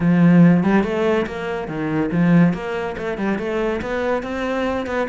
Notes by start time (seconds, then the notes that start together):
0.00 F3
0.63 G3
0.83 A3
1.26 A#3
1.68 D#3
2.11 F3
2.53 A#3
2.97 A3
3.17 G3
3.38 A3
3.81 B3
4.23 C4
4.86 B3